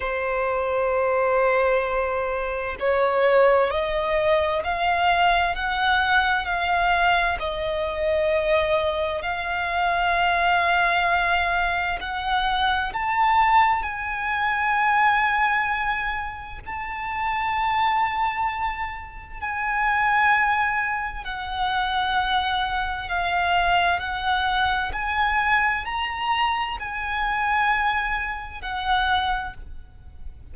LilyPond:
\new Staff \with { instrumentName = "violin" } { \time 4/4 \tempo 4 = 65 c''2. cis''4 | dis''4 f''4 fis''4 f''4 | dis''2 f''2~ | f''4 fis''4 a''4 gis''4~ |
gis''2 a''2~ | a''4 gis''2 fis''4~ | fis''4 f''4 fis''4 gis''4 | ais''4 gis''2 fis''4 | }